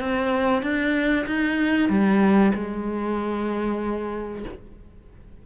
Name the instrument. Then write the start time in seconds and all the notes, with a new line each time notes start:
cello
0.00 C4
0.63 D4
1.27 D#4
1.89 G3
2.55 G#3